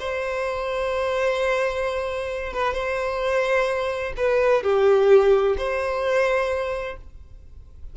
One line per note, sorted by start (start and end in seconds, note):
0.00 2.53 C5
2.53 2.74 B4
2.74 4.14 C5
4.17 4.63 B4
4.63 5.56 G4
5.58 6.97 C5